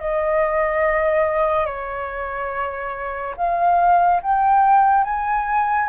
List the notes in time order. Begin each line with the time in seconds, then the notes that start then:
0.00 D#5
1.66 C#5
3.37 F5
4.23 G5
5.05 G#5